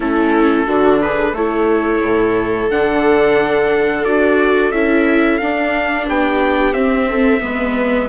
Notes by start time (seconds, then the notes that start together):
0.00 A3 C#4 E4 A4
0.66 D3 D4 F#4
1.01 G#4 B4
1.32 A3 E4 A4 C#5
2.01 A2
2.70 D3 D4 F#5
4.04 D4 F#4 D5
4.71 C#4 E4 E5
5.38 D4 F5
6.07 B3 G4 G5
6.72 C4 E5
7.09 A4
7.40 G#3 B3 B4